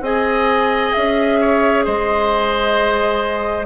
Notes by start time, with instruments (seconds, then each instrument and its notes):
0.00 bassoon C4, clarinet G#4, oboe D#5, flute G#5
0.92 bassoon C#4, flute E5
1.40 oboe C#5
1.84 bassoon G#3, oboe C5, flute D#5